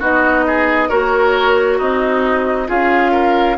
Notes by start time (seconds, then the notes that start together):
0.00 B3 D#4 F#4 D#5
0.47 G#4
0.89 A#3 F#4 A#4 C#5
1.78 C4 D#4 D#5
2.67 C#4 F4 G#4 F5
3.12 A#4